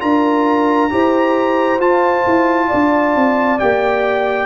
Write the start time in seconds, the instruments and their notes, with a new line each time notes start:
0.00 tuba D4, trombone F4, horn A#4, trumpet A#5
0.90 tuba E4, trombone G4, horn C5
1.79 tuba F4, trombone F4, trumpet A5
2.27 tuba E4
2.68 tuba D4, horn D5
3.15 tuba C4
3.60 tuba A#3, trombone G4, trumpet G5